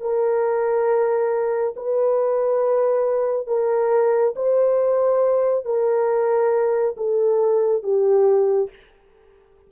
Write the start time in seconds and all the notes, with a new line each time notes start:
0.00 A#4
1.76 B4
3.47 A#4
4.35 C5
5.65 A#4
6.96 A4
7.83 G4